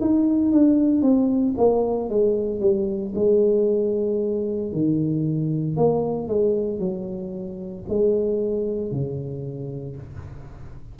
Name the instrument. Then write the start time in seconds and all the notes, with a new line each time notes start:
tuba
0.00 D#4
0.52 D4
1.02 C4
1.57 A#3
2.09 G#3
2.60 G3
3.15 G#3
4.72 D#3
5.77 A#3
6.28 G#3
6.79 F#3
7.89 G#3
8.91 C#3